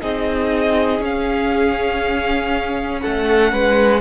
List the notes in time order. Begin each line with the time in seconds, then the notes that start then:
0.00 C4 D#4 G#4 D#5
0.99 C#4 F5
3.01 A3 A4 F#5
3.52 G#3 B4